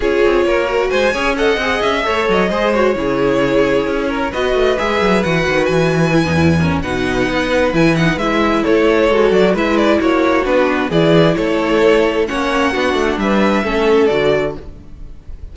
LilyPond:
<<
  \new Staff \with { instrumentName = "violin" } { \time 4/4 \tempo 4 = 132 cis''2 gis''4 fis''4 | e''4 dis''4 cis''2~ | cis''4. dis''4 e''4 fis''8~ | fis''8 gis''2~ gis''8 fis''4~ |
fis''4 gis''8 fis''8 e''4 cis''4~ | cis''8 d''8 e''8 d''8 cis''4 b'4 | d''4 cis''2 fis''4~ | fis''4 e''2 d''4 | }
  \new Staff \with { instrumentName = "violin" } { \time 4/4 gis'4 ais'4 c''8 cis''8 dis''4~ | dis''8 cis''4 c''4 gis'4.~ | gis'4 ais'8 b'2~ b'8~ | b'2~ b'8 ais'8 b'4~ |
b'2. a'4~ | a'4 b'4 fis'2 | gis'4 a'2 cis''4 | fis'4 b'4 a'2 | }
  \new Staff \with { instrumentName = "viola" } { \time 4/4 f'4. fis'4 gis'8 a'8 gis'8~ | gis'8 a'4 gis'8 fis'8 e'4.~ | e'4. fis'4 gis'4 fis'8~ | fis'4. e'16 dis'16 e'8 cis'8 dis'4~ |
dis'4 e'8 dis'8 e'2 | fis'4 e'2 d'4 | e'2. cis'4 | d'2 cis'4 fis'4 | }
  \new Staff \with { instrumentName = "cello" } { \time 4/4 cis'8 c'8 ais4 gis8 cis'4 c'8 | cis'8 a8 fis8 gis4 cis4.~ | cis8 cis'4 b8 a8 gis8 fis8 e8 | dis8 e4~ e16 e,4~ e,16 b,4 |
b4 e4 gis4 a4 | gis8 fis8 gis4 ais4 b4 | e4 a2 ais4 | b8 a8 g4 a4 d4 | }
>>